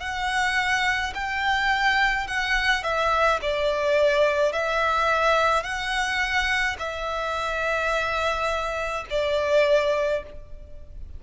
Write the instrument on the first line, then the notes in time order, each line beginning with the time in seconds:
violin
0.00 F#5
1.14 G5
2.27 F#5
2.83 E5
3.41 D5
4.52 E5
5.63 F#5
6.79 E5
9.10 D5